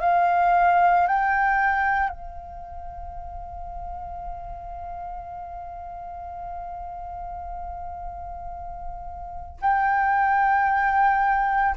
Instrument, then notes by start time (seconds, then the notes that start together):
flute
0.00 F5
1.07 G5
2.09 F5
9.61 G5